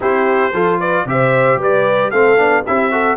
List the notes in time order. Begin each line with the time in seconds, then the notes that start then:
0.00 C4 E4 G4 C5
0.52 F3 F4 A4
0.80 B4 D5
1.05 C3 G4 C5 E5
1.56 G3 B4
1.62 D5
2.10 A3 C4 A4 F5
2.37 B3 D4
2.65 C4 E4 G4 E5
2.91 F#4 A4